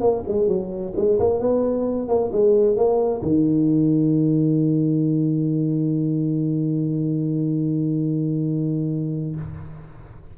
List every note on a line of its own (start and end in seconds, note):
0.00 0.23 A#3
0.28 0.48 G#3
0.48 0.93 F#3
0.96 1.19 G#3
1.19 1.39 A#3
1.39 2.08 B3
2.08 2.31 A#3
2.32 2.76 G#3
2.76 3.21 A#3
3.21 9.35 D#3